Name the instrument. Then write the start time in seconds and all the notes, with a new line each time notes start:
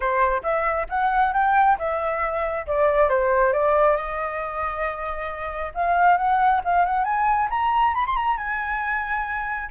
flute
0.00 C5
0.42 E5
0.89 F#5
1.33 G5
1.78 E5
2.66 D5
3.09 C5
3.52 D5
3.96 D#5
5.74 F5
6.17 F#5
6.64 F5
6.85 F#5
7.04 G#5
7.50 A#5
7.94 B5
8.06 C6
8.15 A#5
8.37 G#5